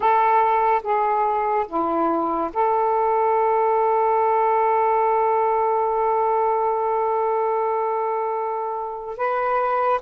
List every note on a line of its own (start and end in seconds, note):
0.00 0.81 A4
0.83 1.66 G#4
1.67 2.50 E4
2.53 9.17 A4
9.17 10.00 B4